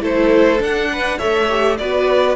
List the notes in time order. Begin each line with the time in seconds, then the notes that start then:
0.00 A3 E4 A4 C5
0.58 D4 F#5
0.92 B4
1.18 A3 A4 C#5 E5
1.49 G4
1.77 B3 F#4 B4 D5